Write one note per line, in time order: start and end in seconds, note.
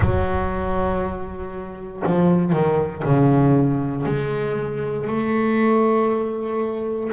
0.00 2.02 F#3
2.06 2.52 F3
2.52 3.03 D#3
3.04 4.05 C#3
4.05 5.07 G#3
5.07 7.10 A3